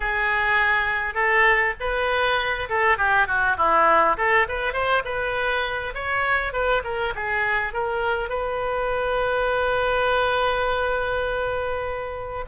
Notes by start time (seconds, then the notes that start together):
0.00 G#4
1.14 A4
1.80 B4
2.69 A4
2.97 G4
3.27 F#4
3.57 E4
4.17 A4
4.48 B4
4.73 C5
5.04 B4
5.94 C#5
6.52 B4
6.84 A#4
7.15 G#4
7.73 A#4
8.29 B4